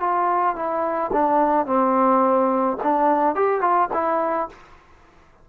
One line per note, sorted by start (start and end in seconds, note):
0.00 0.56 F4
0.56 1.11 E4
1.13 1.66 D4
1.66 2.77 C4
2.83 3.35 D4
3.35 3.61 G4
3.61 3.89 F4
3.93 4.49 E4